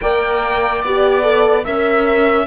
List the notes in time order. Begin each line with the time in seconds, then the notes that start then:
0.00 A#3 A#4 D5 G5
0.82 B3 G4 D5
1.22 A4
1.63 C#4 A#4 E5